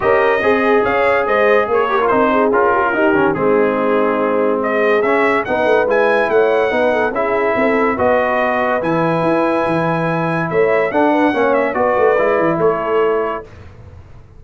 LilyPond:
<<
  \new Staff \with { instrumentName = "trumpet" } { \time 4/4 \tempo 4 = 143 dis''2 f''4 dis''4 | cis''4 c''4 ais'2 | gis'2. dis''4 | e''4 fis''4 gis''4 fis''4~ |
fis''4 e''2 dis''4~ | dis''4 gis''2.~ | gis''4 e''4 fis''4. e''8 | d''2 cis''2 | }
  \new Staff \with { instrumentName = "horn" } { \time 4/4 ais'4 gis'4 cis''4 c''4 | ais'4. gis'4 g'16 f'16 g'4 | dis'2. gis'4~ | gis'4 b'2 cis''4 |
b'8 a'8 gis'4 a'4 b'4~ | b'1~ | b'4 cis''4 a'8 b'8 cis''4 | b'2 a'2 | }
  \new Staff \with { instrumentName = "trombone" } { \time 4/4 g'4 gis'2.~ | gis'8 g'16 f'16 dis'4 f'4 dis'8 cis'8 | c'1 | cis'4 dis'4 e'2 |
dis'4 e'2 fis'4~ | fis'4 e'2.~ | e'2 d'4 cis'4 | fis'4 e'2. | }
  \new Staff \with { instrumentName = "tuba" } { \time 4/4 cis'4 c'4 cis'4 gis4 | ais4 c'4 cis'4 dis'8 dis8 | gis1 | cis'4 b8 a8 gis4 a4 |
b4 cis'4 c'4 b4~ | b4 e4 e'4 e4~ | e4 a4 d'4 ais4 | b8 a8 gis8 e8 a2 | }
>>